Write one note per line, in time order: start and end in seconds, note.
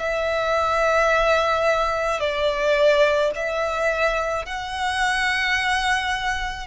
0.00 2.21 E5
2.21 3.32 D5
3.36 4.46 E5
4.46 6.67 F#5